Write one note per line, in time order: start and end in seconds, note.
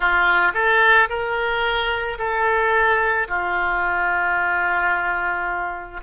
0.00 0.52 F4
0.54 1.08 A4
1.09 2.18 A#4
2.18 3.27 A4
3.27 6.00 F4